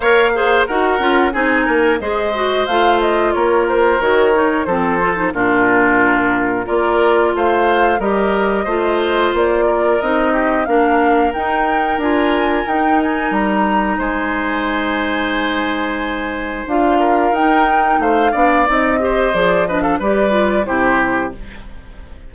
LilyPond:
<<
  \new Staff \with { instrumentName = "flute" } { \time 4/4 \tempo 4 = 90 f''4 fis''4 gis''4 dis''4 | f''8 dis''8 cis''8 c''8 cis''4 c''4 | ais'2 d''4 f''4 | dis''2 d''4 dis''4 |
f''4 g''4 gis''4 g''8 gis''8 | ais''4 gis''2.~ | gis''4 f''4 g''4 f''4 | dis''4 d''8 dis''16 f''16 d''4 c''4 | }
  \new Staff \with { instrumentName = "oboe" } { \time 4/4 cis''8 c''8 ais'4 gis'8 ais'8 c''4~ | c''4 ais'2 a'4 | f'2 ais'4 c''4 | ais'4 c''4. ais'4 g'8 |
ais'1~ | ais'4 c''2.~ | c''4. ais'4. c''8 d''8~ | d''8 c''4 b'16 a'16 b'4 g'4 | }
  \new Staff \with { instrumentName = "clarinet" } { \time 4/4 ais'8 gis'8 fis'8 f'8 dis'4 gis'8 fis'8 | f'2 fis'8 dis'8 c'8 f'16 dis'16 | d'2 f'2 | g'4 f'2 dis'4 |
d'4 dis'4 f'4 dis'4~ | dis'1~ | dis'4 f'4 dis'4. d'8 | dis'8 g'8 gis'8 d'8 g'8 f'8 e'4 | }
  \new Staff \with { instrumentName = "bassoon" } { \time 4/4 ais4 dis'8 cis'8 c'8 ais8 gis4 | a4 ais4 dis4 f4 | ais,2 ais4 a4 | g4 a4 ais4 c'4 |
ais4 dis'4 d'4 dis'4 | g4 gis2.~ | gis4 d'4 dis'4 a8 b8 | c'4 f4 g4 c4 | }
>>